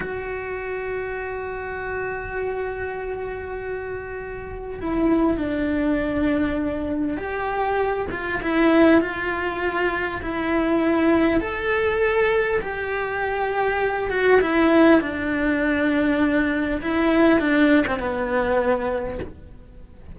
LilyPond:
\new Staff \with { instrumentName = "cello" } { \time 4/4 \tempo 4 = 100 fis'1~ | fis'1 | e'4 d'2. | g'4. f'8 e'4 f'4~ |
f'4 e'2 a'4~ | a'4 g'2~ g'8 fis'8 | e'4 d'2. | e'4 d'8. c'16 b2 | }